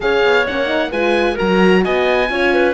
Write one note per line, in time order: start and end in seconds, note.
0.00 0.23 C#4
0.00 0.45 G#4
0.00 0.91 C#5
0.00 0.46 F5
0.24 0.46 B3
0.46 0.91 A#3
0.46 0.65 C#4
0.46 0.92 F#5
0.65 0.88 D#4
0.91 1.37 G#3
0.91 1.35 F4
0.91 1.34 B4
0.91 1.37 G#5
1.34 2.27 F#4
1.34 1.80 A#4
1.34 1.84 A#5
1.40 1.85 F#3
1.84 2.29 B3
1.84 2.29 D#5
1.84 2.74 G#5
2.29 2.74 C#4
2.29 2.74 F4
2.29 2.54 C#5
2.54 2.74 B4